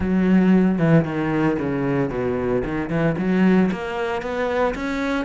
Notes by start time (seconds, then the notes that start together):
0.00 F#3
0.78 E3
1.05 D#3
1.59 C#3
2.10 B2
2.64 D#3
2.89 E3
3.17 F#3
3.71 A#3
4.22 B3
4.75 C#4